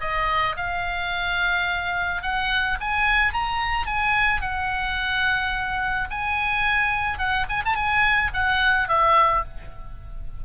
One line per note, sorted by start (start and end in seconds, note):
0.00 0.56 D#5
0.56 2.22 F5
2.22 2.78 F#5
2.80 3.33 G#5
3.33 3.86 A#5
3.86 4.41 G#5
4.41 6.08 F#5
6.10 7.18 G#5
7.18 7.46 F#5
7.49 7.63 G#5
7.65 7.75 A5
7.75 8.31 G#5
8.33 8.88 F#5
8.88 9.44 E5